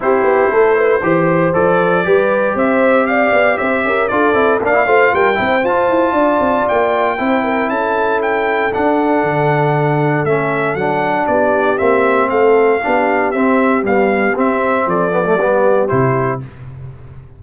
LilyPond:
<<
  \new Staff \with { instrumentName = "trumpet" } { \time 4/4 \tempo 4 = 117 c''2. d''4~ | d''4 e''4 f''4 e''4 | d''4 f''4 g''4 a''4~ | a''4 g''2 a''4 |
g''4 fis''2. | e''4 fis''4 d''4 e''4 | f''2 e''4 f''4 | e''4 d''2 c''4 | }
  \new Staff \with { instrumentName = "horn" } { \time 4/4 g'4 a'8 b'8 c''2 | b'4 c''4 d''4 c''8 ais'8 | a'4 d''8 c''8 ais'8 c''4. | d''2 c''8 ais'8 a'4~ |
a'1~ | a'2 g'2 | a'4 g'2.~ | g'4 a'4 g'2 | }
  \new Staff \with { instrumentName = "trombone" } { \time 4/4 e'2 g'4 a'4 | g'1 | f'8 e'8 d'16 e'16 f'4 e'8 f'4~ | f'2 e'2~ |
e'4 d'2. | cis'4 d'2 c'4~ | c'4 d'4 c'4 g4 | c'4. b16 a16 b4 e'4 | }
  \new Staff \with { instrumentName = "tuba" } { \time 4/4 c'8 b8 a4 e4 f4 | g4 c'4. b8 c'8 cis'8 | d'8 c'8 ais8 a8 g8 c'8 f'8 e'8 | d'8 c'8 ais4 c'4 cis'4~ |
cis'4 d'4 d2 | a4 fis4 b4 ais4 | a4 b4 c'4 b4 | c'4 f4 g4 c4 | }
>>